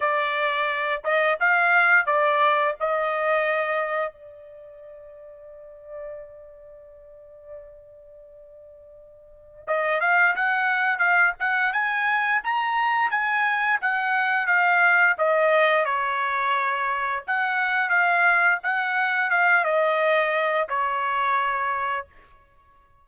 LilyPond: \new Staff \with { instrumentName = "trumpet" } { \time 4/4 \tempo 4 = 87 d''4. dis''8 f''4 d''4 | dis''2 d''2~ | d''1~ | d''2 dis''8 f''8 fis''4 |
f''8 fis''8 gis''4 ais''4 gis''4 | fis''4 f''4 dis''4 cis''4~ | cis''4 fis''4 f''4 fis''4 | f''8 dis''4. cis''2 | }